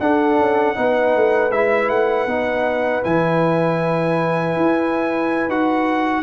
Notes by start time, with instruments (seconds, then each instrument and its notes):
0.00 tuba D4, trombone D4, horn A4, trumpet F#5
0.39 tuba C#4
0.75 tuba B3, trombone D#4, horn B4
1.16 tuba A3
1.52 tuba G#3, trombone E4, trumpet E5
1.89 tuba A3, trumpet F#5
2.27 tuba B3, trombone D#4
3.03 tuba E3, trombone E4, trumpet G#5
4.57 tuba E4
5.49 tuba D#4, trombone F#4, trumpet F#5